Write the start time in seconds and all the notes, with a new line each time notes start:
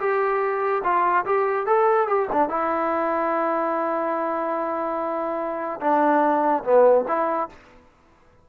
0.00 G4
0.84 F4
1.26 G4
1.66 A4
2.08 G4
2.33 D4
2.49 E4
5.81 D4
6.64 B3
7.08 E4